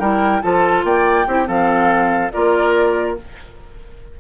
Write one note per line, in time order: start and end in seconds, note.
0.00 0.42 G3
0.00 0.43 E4
0.00 0.42 A#4
0.00 0.42 G5
0.42 0.84 F3
0.42 1.27 F4
0.42 0.86 A4
0.42 0.85 A5
0.84 1.26 A#3
0.84 1.27 D5
0.84 1.49 G5
1.27 1.48 C4
1.27 1.46 E4
1.27 1.48 G4
1.46 2.32 F3
1.46 2.30 C4
1.46 2.32 A4
1.46 2.32 F5
2.32 3.20 A#3
2.32 3.18 F4
2.32 3.18 A#4
2.32 3.17 D5